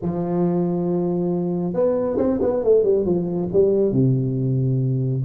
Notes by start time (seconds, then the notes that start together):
0.02 F3
1.73 B3
2.17 C4
2.41 B3
2.63 A3
2.83 G3
3.05 F3
3.53 G3
3.92 C3